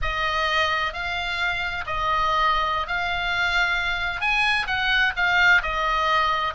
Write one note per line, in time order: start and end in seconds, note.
0.02 0.93 D#5
0.93 1.84 F5
1.86 2.87 D#5
2.87 4.20 F5
4.20 4.66 G#5
4.67 5.12 F#5
5.16 5.62 F5
5.62 6.54 D#5